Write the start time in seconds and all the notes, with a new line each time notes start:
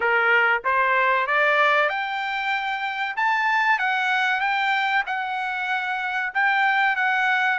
0.00 A#4
0.64 C5
1.27 D5
1.89 G5
3.16 A5
3.78 F#5
4.40 G5
5.06 F#5
6.34 G5
6.96 F#5